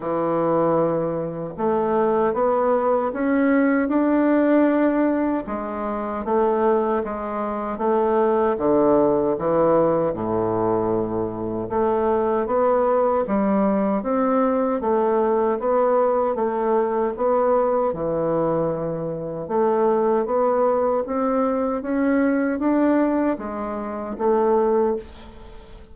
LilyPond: \new Staff \with { instrumentName = "bassoon" } { \time 4/4 \tempo 4 = 77 e2 a4 b4 | cis'4 d'2 gis4 | a4 gis4 a4 d4 | e4 a,2 a4 |
b4 g4 c'4 a4 | b4 a4 b4 e4~ | e4 a4 b4 c'4 | cis'4 d'4 gis4 a4 | }